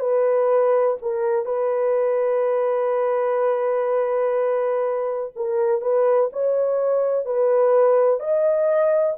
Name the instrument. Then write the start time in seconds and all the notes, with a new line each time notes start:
horn
0.00 B4
1.02 A#4
1.46 B4
5.36 A#4
5.82 B4
6.33 C#5
7.25 B4
8.20 D#5